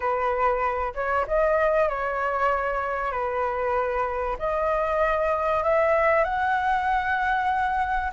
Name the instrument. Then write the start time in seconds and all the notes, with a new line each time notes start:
flute
0.00 B4
0.94 C#5
1.27 D#5
1.88 C#5
3.11 B4
4.39 D#5
5.63 E5
6.24 F#5